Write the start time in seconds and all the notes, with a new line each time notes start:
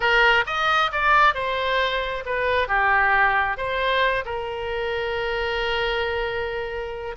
0.00 A#4
0.46 D#5
0.92 D5
1.34 C5
2.25 B4
2.67 G4
3.57 C5
4.25 A#4